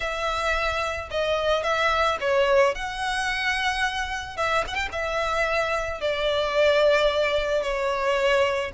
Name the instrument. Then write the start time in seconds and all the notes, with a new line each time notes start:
violin
0.00 E5
1.10 D#5
1.63 E5
2.20 C#5
2.74 F#5
4.37 E5
4.67 F#5
4.74 G5
4.91 E5
6.00 D5
7.62 C#5